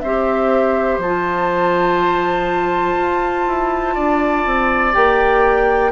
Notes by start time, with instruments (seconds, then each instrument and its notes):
0.00 bassoon C4, clarinet G4, oboe C5, flute E5
0.98 bassoon F3, flute A5
1.05 clarinet F4
2.98 bassoon F4
3.47 bassoon E4
3.94 bassoon D4, oboe D5
4.45 bassoon C4
4.92 bassoon A#3, clarinet G4, flute G5